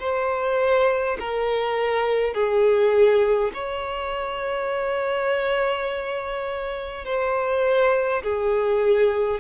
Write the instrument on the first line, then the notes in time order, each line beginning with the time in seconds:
violin
0.00 C5
1.20 A#4
2.34 G#4
3.55 C#5
7.05 C5
8.24 G#4